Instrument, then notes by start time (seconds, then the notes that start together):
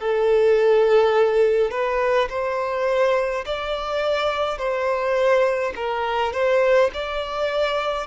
violin
0.00 A4
1.71 B4
2.30 C5
3.46 D5
4.58 C5
5.76 A#4
6.33 C5
6.94 D5